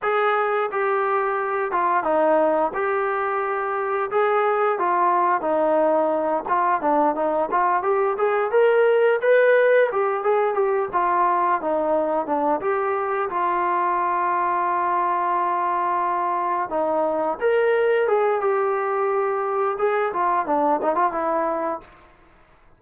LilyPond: \new Staff \with { instrumentName = "trombone" } { \time 4/4 \tempo 4 = 88 gis'4 g'4. f'8 dis'4 | g'2 gis'4 f'4 | dis'4. f'8 d'8 dis'8 f'8 g'8 | gis'8 ais'4 b'4 g'8 gis'8 g'8 |
f'4 dis'4 d'8 g'4 f'8~ | f'1~ | f'8 dis'4 ais'4 gis'8 g'4~ | g'4 gis'8 f'8 d'8 dis'16 f'16 e'4 | }